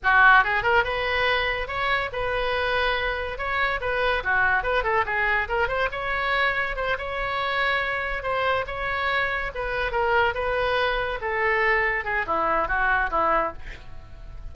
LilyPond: \new Staff \with { instrumentName = "oboe" } { \time 4/4 \tempo 4 = 142 fis'4 gis'8 ais'8 b'2 | cis''4 b'2. | cis''4 b'4 fis'4 b'8 a'8 | gis'4 ais'8 c''8 cis''2 |
c''8 cis''2. c''8~ | c''8 cis''2 b'4 ais'8~ | ais'8 b'2 a'4.~ | a'8 gis'8 e'4 fis'4 e'4 | }